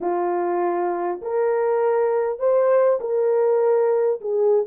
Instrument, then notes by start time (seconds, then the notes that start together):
horn
0.00 F4
1.21 A#4
2.39 C5
3.00 A#4
4.20 G#4